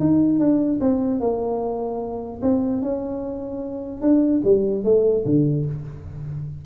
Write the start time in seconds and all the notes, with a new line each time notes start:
0.00 D#4
0.40 D4
0.81 C4
1.20 A#3
2.42 C4
2.82 C#4
4.02 D4
4.44 G3
4.84 A3
5.26 D3